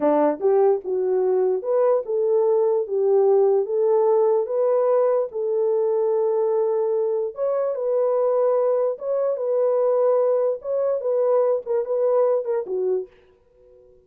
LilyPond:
\new Staff \with { instrumentName = "horn" } { \time 4/4 \tempo 4 = 147 d'4 g'4 fis'2 | b'4 a'2 g'4~ | g'4 a'2 b'4~ | b'4 a'2.~ |
a'2 cis''4 b'4~ | b'2 cis''4 b'4~ | b'2 cis''4 b'4~ | b'8 ais'8 b'4. ais'8 fis'4 | }